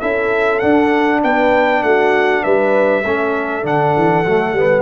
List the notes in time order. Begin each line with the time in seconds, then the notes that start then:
0.00 C#4 E4 A4 E5
0.60 D4 F#5
1.24 B3 B4 G5
1.83 A3 F#4 F#5
2.44 G3 B4 E5
3.04 A3 C#4 A4
3.64 D3 D4 F#5
3.97 E3
4.25 F#3 A3
4.53 G3 B3